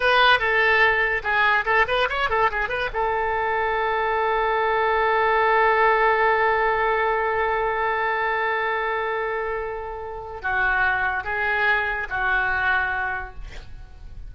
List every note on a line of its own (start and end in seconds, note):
0.00 0.39 B4
0.39 1.22 A4
1.23 1.65 G#4
1.65 1.86 A4
1.87 2.08 B4
2.09 2.29 C#5
2.29 2.50 A4
2.50 2.69 G#4
2.69 2.89 B4
2.93 10.41 A4
10.41 11.24 F#4
11.24 12.07 G#4
12.09 13.34 F#4